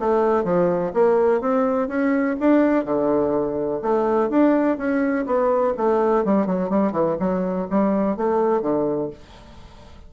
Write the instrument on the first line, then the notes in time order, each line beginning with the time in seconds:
bassoon
0.00 A3
0.44 F3
0.94 A#3
1.41 C4
1.88 C#4
2.40 D4
2.85 D3
3.82 A3
4.30 D4
4.78 C#4
5.26 B3
5.78 A3
6.25 G3
6.47 F#3
6.70 G3
6.93 E3
7.20 F#3
7.70 G3
8.17 A3
8.62 D3